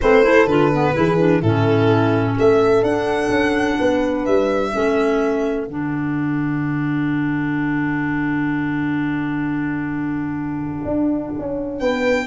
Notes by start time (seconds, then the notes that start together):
0.01 A3 C4 B4 C5
0.23 E4 A4
0.46 D3 F4 B4
0.73 B3
0.93 E3 E4 G#4
1.17 D4
1.41 A2 C#4 E4 A4
2.35 A3 A4 E5
2.82 D4 F#5
3.30 C#4
3.79 B3 B4
4.25 G3 E5
4.71 A3 C#4 A4
5.67 D3 D4 F#5
10.84 D4
11.38 C#4
11.79 B3 B4 G5